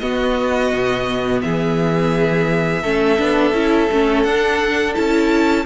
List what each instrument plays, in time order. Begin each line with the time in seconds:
0.00 viola B3, cello B3, violin F#4 D#5
0.73 cello B2
1.42 cello E3, violin G#4 E5
2.83 cello A3, viola C#4, violin A4
3.19 cello B3, viola D4
3.52 cello C#4, viola E4
3.92 cello A3, viola C#4
4.24 cello D4, viola D4, violin F#5
4.95 cello C#4, viola E4, violin A5